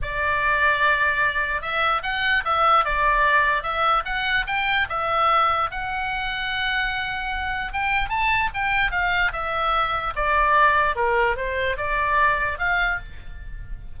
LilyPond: \new Staff \with { instrumentName = "oboe" } { \time 4/4 \tempo 4 = 148 d''1 | e''4 fis''4 e''4 d''4~ | d''4 e''4 fis''4 g''4 | e''2 fis''2~ |
fis''2. g''4 | a''4 g''4 f''4 e''4~ | e''4 d''2 ais'4 | c''4 d''2 f''4 | }